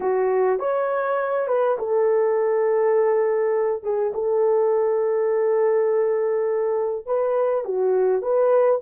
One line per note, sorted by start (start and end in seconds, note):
0.00 0.59 F#4
0.59 1.47 C#5
1.47 1.77 B4
1.78 3.83 A4
3.83 4.12 G#4
4.13 7.06 A4
7.06 7.64 B4
7.64 8.22 F#4
8.22 8.80 B4